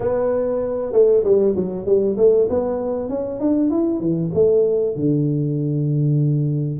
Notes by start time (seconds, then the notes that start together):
0.00 B3
0.92 A3
1.24 G3
1.56 F#3
1.85 G3
2.17 A3
2.49 B3
3.09 C#4
3.40 D4
3.70 E4
4.00 E3
4.34 A3
4.95 D3